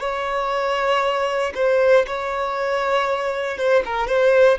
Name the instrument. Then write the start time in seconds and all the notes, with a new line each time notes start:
violin
0.00 C#5
1.55 C5
2.07 C#5
3.57 C5
3.85 A#4
4.07 C5